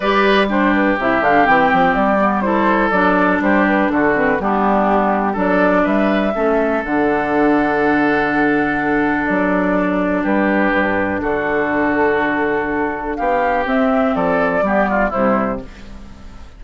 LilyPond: <<
  \new Staff \with { instrumentName = "flute" } { \time 4/4 \tempo 4 = 123 d''4 c''8 b'8 e''8 f''8 g''4 | d''4 c''4 d''4 c''8 b'8 | a'8 b'8 g'2 d''4 | e''2 fis''2~ |
fis''2. d''4~ | d''4 b'2 a'4~ | a'2. f''4 | e''4 d''2 c''4 | }
  \new Staff \with { instrumentName = "oboe" } { \time 4/4 b'4 g'2.~ | g'4 a'2 g'4 | fis'4 d'2 a'4 | b'4 a'2.~ |
a'1~ | a'4 g'2 fis'4~ | fis'2. g'4~ | g'4 a'4 g'8 f'8 e'4 | }
  \new Staff \with { instrumentName = "clarinet" } { \time 4/4 g'4 d'4 e'8 d'8 c'4~ | c'8 b8 e'4 d'2~ | d'8 c'8 b2 d'4~ | d'4 cis'4 d'2~ |
d'1~ | d'1~ | d'1 | c'2 b4 g4 | }
  \new Staff \with { instrumentName = "bassoon" } { \time 4/4 g2 c8 d8 e8 f8 | g2 fis4 g4 | d4 g2 fis4 | g4 a4 d2~ |
d2. fis4~ | fis4 g4 g,4 d4~ | d2. b4 | c'4 f4 g4 c4 | }
>>